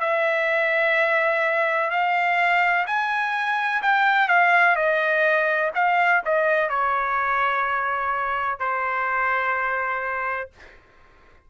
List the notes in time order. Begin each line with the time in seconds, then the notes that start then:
0.00 E5
1.90 F5
2.87 G#5
3.82 G5
4.28 F5
4.76 D#5
5.74 F5
6.25 D#5
6.69 C#5
8.59 C5